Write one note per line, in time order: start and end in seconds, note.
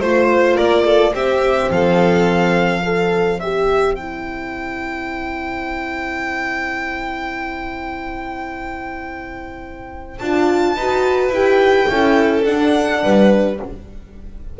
0.00 0.57 A3
0.00 1.14 F4
0.00 0.57 C5
0.00 0.55 C5
0.55 1.13 A#3
0.55 0.84 A#4
0.55 1.13 D5
0.84 1.13 A4
1.13 1.70 C4
1.13 2.83 C4
1.13 1.71 G4
1.13 1.71 E5
1.70 3.40 F3
1.70 2.83 A4
1.70 3.40 F5
2.83 3.40 A4
2.83 10.75 C5
3.40 10.19 C4
3.40 3.99 G4
3.40 3.95 E5
3.95 10.21 E4
3.95 10.18 G5
10.18 10.76 D4
10.18 10.79 F4
10.18 11.31 A5
10.76 11.29 D#4
10.76 11.34 F#4
10.76 11.89 B4
11.29 11.85 E4
11.29 11.87 G4
11.29 12.44 G5
11.87 12.46 C#4
11.87 12.44 E4
11.87 13.03 A4
12.44 13.03 D4
12.44 13.59 D4
12.44 13.58 F#5
13.03 13.60 G3
13.03 13.60 B4